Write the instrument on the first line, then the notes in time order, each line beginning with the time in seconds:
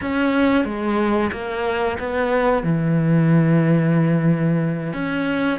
cello
0.01 C#4
0.64 G#3
1.32 A#3
1.99 B3
2.63 E3
4.93 C#4